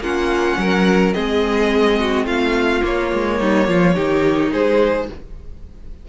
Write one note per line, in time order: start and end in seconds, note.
0.00 0.56 A#3
0.00 1.15 C#4
0.00 0.59 F4
0.00 1.14 F#5
0.58 1.14 F#3
0.58 1.15 A#4
1.14 2.25 G#3
1.14 2.82 C4
1.14 1.99 G#4
1.14 2.26 D#5
2.00 2.26 F#4
2.25 2.81 A3
2.25 3.38 F4
2.25 2.84 F5
2.82 3.94 A#3
2.82 3.13 A#3
2.82 4.52 C#5
3.13 3.41 G#3
3.40 3.69 G3
3.40 3.68 D#4
3.69 3.97 F3
3.69 3.95 F4
3.95 4.53 D#3
3.95 5.07 D#4
3.95 4.51 G4
4.52 5.09 G#3
4.52 5.09 G#4
4.52 5.08 C5